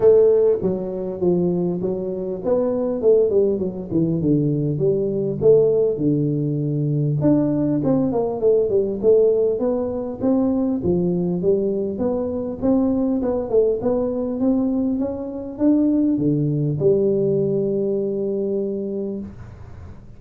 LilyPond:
\new Staff \with { instrumentName = "tuba" } { \time 4/4 \tempo 4 = 100 a4 fis4 f4 fis4 | b4 a8 g8 fis8 e8 d4 | g4 a4 d2 | d'4 c'8 ais8 a8 g8 a4 |
b4 c'4 f4 g4 | b4 c'4 b8 a8 b4 | c'4 cis'4 d'4 d4 | g1 | }